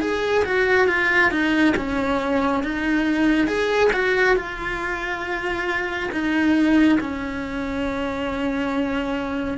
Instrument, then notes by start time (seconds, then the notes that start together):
cello
0.00 G#4
0.44 F#4
0.87 F4
1.30 D#4
1.76 C#4
2.63 D#4
3.47 G#4
3.93 F#4
4.36 F4
6.11 D#4
7.00 C#4